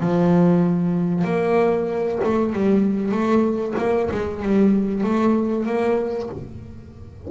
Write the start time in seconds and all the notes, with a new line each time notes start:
0.00 F3
1.24 A#3
2.24 A3
2.53 G3
3.11 A3
3.78 A#3
4.11 G#3
4.42 G3
5.03 A3
5.66 A#3